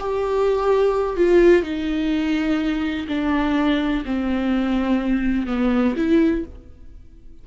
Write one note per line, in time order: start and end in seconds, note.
0.00 1.17 G4
1.17 1.63 F4
1.63 3.07 D#4
3.08 4.04 D4
4.06 5.47 C4
5.47 5.95 B3
5.97 6.45 E4